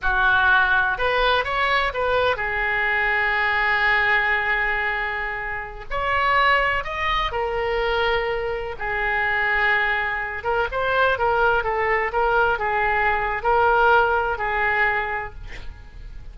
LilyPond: \new Staff \with { instrumentName = "oboe" } { \time 4/4 \tempo 4 = 125 fis'2 b'4 cis''4 | b'4 gis'2.~ | gis'1~ | gis'16 cis''2 dis''4 ais'8.~ |
ais'2~ ais'16 gis'4.~ gis'16~ | gis'4.~ gis'16 ais'8 c''4 ais'8.~ | ais'16 a'4 ais'4 gis'4.~ gis'16 | ais'2 gis'2 | }